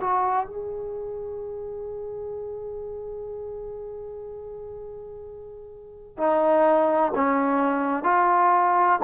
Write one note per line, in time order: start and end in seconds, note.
0.00 0.46 F#4
0.46 6.17 G#4
6.17 7.13 D#4
7.15 8.03 C#4
8.03 8.99 F4